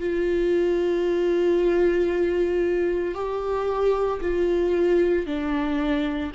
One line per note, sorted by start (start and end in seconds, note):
0.00 3.15 F4
3.15 4.20 G4
4.21 5.26 F4
5.26 6.32 D4